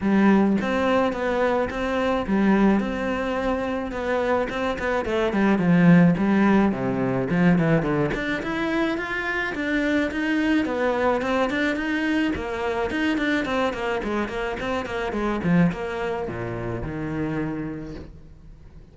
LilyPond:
\new Staff \with { instrumentName = "cello" } { \time 4/4 \tempo 4 = 107 g4 c'4 b4 c'4 | g4 c'2 b4 | c'8 b8 a8 g8 f4 g4 | c4 f8 e8 d8 d'8 e'4 |
f'4 d'4 dis'4 b4 | c'8 d'8 dis'4 ais4 dis'8 d'8 | c'8 ais8 gis8 ais8 c'8 ais8 gis8 f8 | ais4 ais,4 dis2 | }